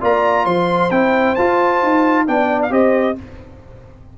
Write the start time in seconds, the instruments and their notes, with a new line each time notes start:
0.00 tuba A#3, trombone F4, horn D5, trumpet A#5
0.45 tuba F3, horn C5, trumpet C6
0.91 tuba C4, trombone E4, trumpet G5
1.35 tuba F4, trombone F4, trumpet A5
1.83 tuba D#4
2.26 tuba B3, trombone D4, horn D5, trumpet G5
2.62 trumpet F5
2.70 tuba C4, trombone G4, horn C5, trumpet D#5